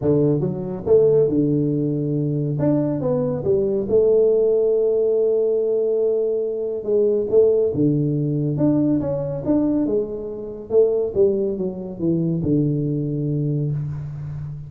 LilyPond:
\new Staff \with { instrumentName = "tuba" } { \time 4/4 \tempo 4 = 140 d4 fis4 a4 d4~ | d2 d'4 b4 | g4 a2.~ | a1 |
gis4 a4 d2 | d'4 cis'4 d'4 gis4~ | gis4 a4 g4 fis4 | e4 d2. | }